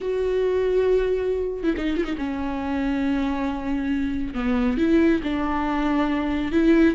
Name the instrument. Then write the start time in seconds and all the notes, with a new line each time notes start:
viola
0.00 F#4
1.63 E4
1.77 D#4
1.96 F4
2.04 D#4
2.17 C#4
4.34 B3
4.77 E4
5.23 D4
6.51 E4